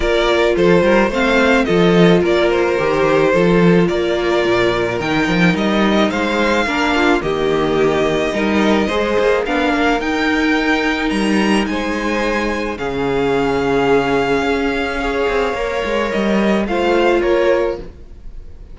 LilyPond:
<<
  \new Staff \with { instrumentName = "violin" } { \time 4/4 \tempo 4 = 108 d''4 c''4 f''4 dis''4 | d''8 c''2~ c''8 d''4~ | d''4 g''4 dis''4 f''4~ | f''4 dis''2.~ |
dis''4 f''4 g''2 | ais''4 gis''2 f''4~ | f''1~ | f''4 dis''4 f''4 cis''4 | }
  \new Staff \with { instrumentName = "violin" } { \time 4/4 ais'4 a'8 ais'8 c''4 a'4 | ais'2 a'4 ais'4~ | ais'2. c''4 | ais'8 f'8 g'2 ais'4 |
c''4 ais'2.~ | ais'4 c''2 gis'4~ | gis'2. cis''4~ | cis''2 c''4 ais'4 | }
  \new Staff \with { instrumentName = "viola" } { \time 4/4 f'2 c'4 f'4~ | f'4 g'4 f'2~ | f'4 dis'2. | d'4 ais2 dis'4 |
gis'4 d'4 dis'2~ | dis'2. cis'4~ | cis'2. gis'4 | ais'2 f'2 | }
  \new Staff \with { instrumentName = "cello" } { \time 4/4 ais4 f8 g8 a4 f4 | ais4 dis4 f4 ais4 | ais,4 dis8 f8 g4 gis4 | ais4 dis2 g4 |
gis8 ais8 b8 ais8 dis'2 | g4 gis2 cis4~ | cis2 cis'4. c'8 | ais8 gis8 g4 a4 ais4 | }
>>